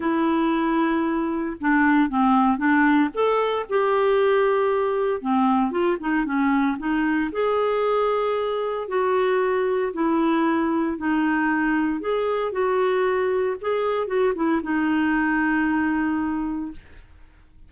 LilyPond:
\new Staff \with { instrumentName = "clarinet" } { \time 4/4 \tempo 4 = 115 e'2. d'4 | c'4 d'4 a'4 g'4~ | g'2 c'4 f'8 dis'8 | cis'4 dis'4 gis'2~ |
gis'4 fis'2 e'4~ | e'4 dis'2 gis'4 | fis'2 gis'4 fis'8 e'8 | dis'1 | }